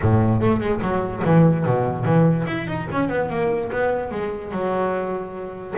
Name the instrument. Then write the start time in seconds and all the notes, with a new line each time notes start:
double bass
0.01 A2
0.41 A3
0.60 G#3
0.81 F#3
1.24 E3
1.65 B2
2.04 E3
2.46 E4
2.67 D#4
2.91 C#4
3.09 B3
3.29 A#3
3.72 B3
4.11 G#3
4.51 F#3